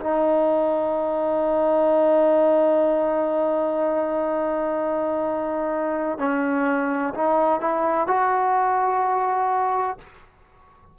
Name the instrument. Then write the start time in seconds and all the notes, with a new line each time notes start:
trombone
0.00 D#4
6.19 C#4
7.14 D#4
7.61 E4
8.08 F#4